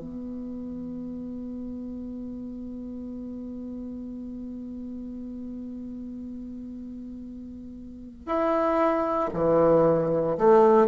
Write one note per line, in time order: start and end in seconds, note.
0.00 8.26 B3
8.26 9.30 E4
9.34 10.37 E3
10.38 10.88 A3